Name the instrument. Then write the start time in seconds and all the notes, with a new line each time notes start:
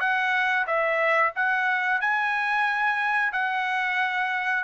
trumpet
0.00 F#5
0.67 E5
1.35 F#5
2.01 G#5
3.32 F#5